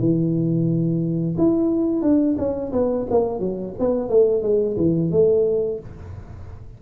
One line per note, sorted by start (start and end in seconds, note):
0.00 1.36 E3
1.38 2.02 E4
2.02 2.36 D4
2.38 2.72 C#4
2.73 3.07 B3
3.11 3.40 A#3
3.40 3.74 F#3
3.80 4.10 B3
4.10 4.43 A3
4.43 4.77 G#3
4.77 5.11 E3
5.12 5.80 A3